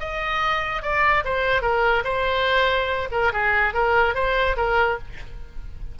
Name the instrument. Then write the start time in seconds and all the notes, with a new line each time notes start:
oboe
0.00 D#5
0.83 D5
1.25 C5
1.62 A#4
2.05 C5
3.12 A#4
3.33 G#4
3.74 A#4
4.15 C5
4.57 A#4